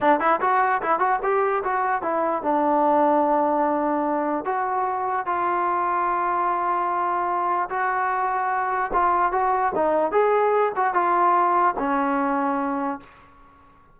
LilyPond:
\new Staff \with { instrumentName = "trombone" } { \time 4/4 \tempo 4 = 148 d'8 e'8 fis'4 e'8 fis'8 g'4 | fis'4 e'4 d'2~ | d'2. fis'4~ | fis'4 f'2.~ |
f'2. fis'4~ | fis'2 f'4 fis'4 | dis'4 gis'4. fis'8 f'4~ | f'4 cis'2. | }